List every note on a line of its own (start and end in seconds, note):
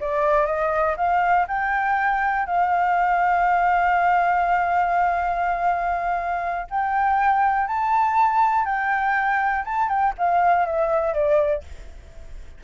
0.00 0.46 D5
0.46 0.95 D#5
0.96 1.46 F5
1.47 2.45 G5
2.45 6.67 F5
6.70 7.67 G5
7.67 8.65 A5
8.65 9.64 G5
9.64 9.89 A5
9.89 10.13 G5
10.18 10.65 F5
10.65 11.13 E5
11.13 11.63 D5